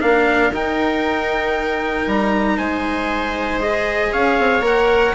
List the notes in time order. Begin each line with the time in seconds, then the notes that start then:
0.00 A#3 D4 A#4 F5
0.51 D#4 G5
2.06 G3 A#5
2.57 G#3 C5 G#5
3.60 G#4 D#5
4.12 C#4 C#5 F5
4.38 C4
4.60 A#3 A#4 F#5